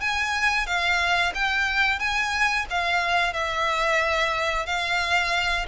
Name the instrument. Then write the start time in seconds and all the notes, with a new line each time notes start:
violin
0.00 G#5
0.66 F5
1.34 G5
1.98 G#5
2.70 F5
3.33 E5
4.65 F5